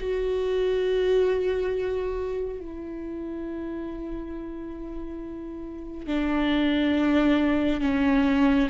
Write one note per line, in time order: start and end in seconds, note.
0.00 2.60 F#4
2.60 6.07 E4
6.07 7.81 D4
7.81 8.68 C#4